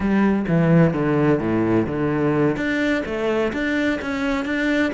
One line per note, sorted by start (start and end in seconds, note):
0.00 0.45 G3
0.48 0.93 E3
0.93 1.39 D3
1.39 1.86 A2
1.86 2.56 D3
2.56 3.03 D4
3.05 3.52 A3
3.52 3.99 D4
4.01 4.45 C#4
4.45 4.92 D4